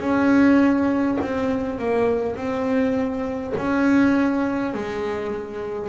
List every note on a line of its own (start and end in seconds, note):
0.00 1.18 C#4
1.21 1.79 C4
1.79 2.36 A#3
2.36 3.54 C4
3.57 4.74 C#4
4.74 5.89 G#3